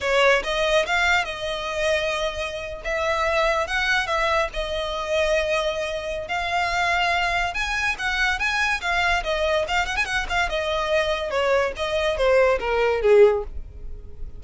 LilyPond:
\new Staff \with { instrumentName = "violin" } { \time 4/4 \tempo 4 = 143 cis''4 dis''4 f''4 dis''4~ | dis''2~ dis''8. e''4~ e''16~ | e''8. fis''4 e''4 dis''4~ dis''16~ | dis''2. f''4~ |
f''2 gis''4 fis''4 | gis''4 f''4 dis''4 f''8 fis''16 gis''16 | fis''8 f''8 dis''2 cis''4 | dis''4 c''4 ais'4 gis'4 | }